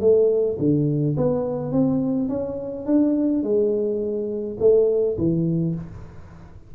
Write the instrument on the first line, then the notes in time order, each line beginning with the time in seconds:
tuba
0.00 A3
0.58 D3
1.16 B3
1.72 C4
2.29 C#4
2.86 D4
3.43 G#3
4.59 A3
5.17 E3